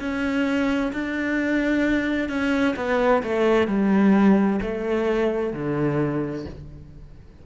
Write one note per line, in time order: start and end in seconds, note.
0.00 0.92 C#4
0.93 2.29 D4
2.29 2.75 C#4
2.77 3.23 B3
3.23 3.68 A3
3.68 4.60 G3
4.62 5.53 A3
5.53 6.45 D3